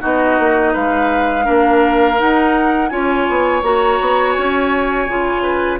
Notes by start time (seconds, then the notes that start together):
0.00 B3 D#4 F#4 D#5
0.39 A#3
0.73 G#3 B4 F5
1.44 A#3 D4 A#4
2.19 D#4 F#5
2.89 C#4 F4 C#5 G#5
3.30 B3
3.63 A#3 F#4 A#5
4.01 B3
4.33 C#4 G#5
5.08 C#3 F4
5.43 B4